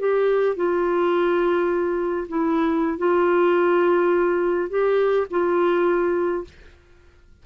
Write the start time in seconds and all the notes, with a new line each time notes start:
0.00 G4
0.56 F4
2.29 E4
2.98 F4
4.70 G4
5.31 F4